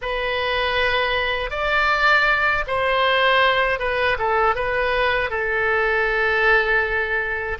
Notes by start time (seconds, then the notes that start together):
0.01 B4
1.50 D5
2.67 C5
3.79 B4
4.18 A4
4.55 B4
5.30 A4